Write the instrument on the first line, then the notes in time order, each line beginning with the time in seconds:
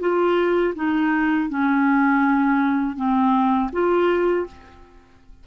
clarinet
0.00 F4
0.75 D#4
1.49 C#4
2.96 C4
3.72 F4